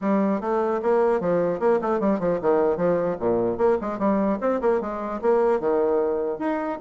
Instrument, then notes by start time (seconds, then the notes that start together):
bassoon
0.01 G3
0.41 A3
0.82 A#3
1.20 F3
1.59 A#3
1.81 A3
2.00 G3
2.19 F3
2.41 D#3
2.76 F3
3.19 A#2
3.57 A#3
3.81 G#3
3.98 G3
4.41 C4
4.61 A#3
4.80 G#3
5.21 A#3
5.60 D#3
6.39 D#4